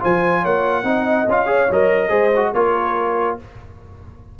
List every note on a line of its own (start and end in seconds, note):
0.00 0.45 F3
0.00 0.84 F4
0.00 0.42 C5
0.00 0.45 G#5
0.42 0.83 A#3
0.42 0.84 C#5
0.42 1.29 F#5
0.83 1.25 C4
0.83 1.26 D#4
0.83 1.49 D#5
1.27 1.69 C#4
1.27 1.46 F4
1.27 1.72 F5
1.46 1.67 G#4
1.46 2.10 C#5
1.70 2.10 F#3
1.70 2.09 A#4
1.70 2.54 D#5
2.09 2.52 G#3
2.09 2.30 G#4
2.09 2.52 C5
2.36 2.55 F#4
2.54 3.38 A#3
2.54 3.39 F4
2.54 3.40 A#4
2.54 3.38 C#5